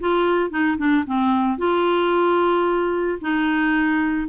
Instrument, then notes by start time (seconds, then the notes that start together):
clarinet
0.00 F4
0.50 D#4
0.78 D4
1.06 C4
1.58 F4
3.21 D#4